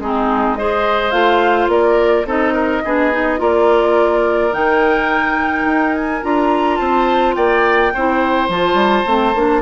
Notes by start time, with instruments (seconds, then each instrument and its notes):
0.00 bassoon G#3, clarinet C4, oboe D#4, flute G#4
0.56 clarinet G#4, oboe C5, flute D#5
1.11 bassoon A3, clarinet F4, flute F5
1.68 bassoon A#3, oboe A#4, flute D5
2.26 bassoon C4, clarinet D#4, oboe A4, flute D#5
2.54 oboe A#4
2.85 bassoon B3, clarinet D4, oboe G#4
3.12 clarinet D#4
3.38 bassoon A#3, clarinet F4, oboe A#4, flute D5
4.52 bassoon D#3, clarinet D#4, flute G5
5.65 bassoon D#4
5.95 flute G#5
6.22 bassoon D4, clarinet F4, flute A#5
6.77 bassoon C4, oboe C5, flute A5
7.35 bassoon A#3, oboe D5, flute G5
7.94 bassoon C4, clarinet E4, oboe C5
8.49 bassoon F3, clarinet F4, flute A5
8.74 bassoon G3
9.06 bassoon A3, clarinet C4
9.35 bassoon A#3, clarinet D4